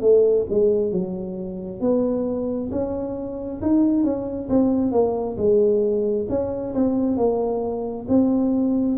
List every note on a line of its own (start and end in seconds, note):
0.00 0.45 A3
0.50 0.92 G#3
0.92 1.80 F#3
1.80 2.70 B3
2.71 3.61 C#4
3.61 4.03 D#4
4.03 4.48 C#4
4.49 4.91 C4
4.91 5.36 A#3
5.37 6.26 G#3
6.29 6.74 C#4
6.74 7.16 C4
7.16 8.06 A#3
8.08 8.98 C4